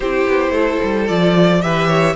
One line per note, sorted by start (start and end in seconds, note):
0.00 0.26 C4
0.00 1.07 E4
0.00 0.52 G4
0.00 1.07 C5
0.27 0.50 B3
0.50 0.77 A3
0.50 1.60 A4
0.83 1.09 G3
1.07 1.63 F3
1.07 1.61 F4
1.07 1.61 D5
1.61 2.15 E3
1.61 2.15 G4
1.61 1.87 B4
1.61 2.15 E5
1.87 2.14 C#5